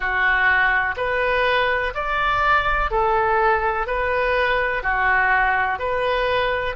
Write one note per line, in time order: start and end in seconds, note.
0.00 0.95 F#4
0.96 1.93 B4
1.94 2.90 D5
2.90 3.86 A4
3.86 4.83 B4
4.83 5.78 F#4
5.78 6.75 B4